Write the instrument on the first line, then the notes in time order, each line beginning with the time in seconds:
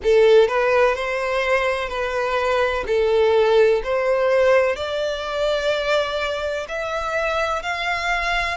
violin
0.03 A4
0.48 B4
0.95 C5
1.88 B4
2.86 A4
3.83 C5
4.76 D5
6.68 E5
7.62 F5